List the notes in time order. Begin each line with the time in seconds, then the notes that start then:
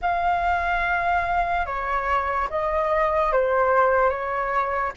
0.01 F5
1.66 C#5
2.50 D#5
3.32 C5
4.09 C#5